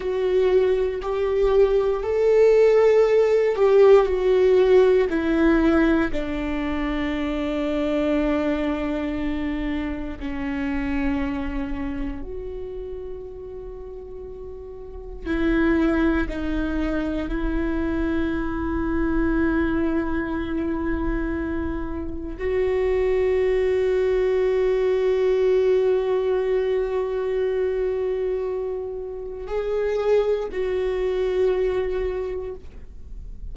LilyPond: \new Staff \with { instrumentName = "viola" } { \time 4/4 \tempo 4 = 59 fis'4 g'4 a'4. g'8 | fis'4 e'4 d'2~ | d'2 cis'2 | fis'2. e'4 |
dis'4 e'2.~ | e'2 fis'2~ | fis'1~ | fis'4 gis'4 fis'2 | }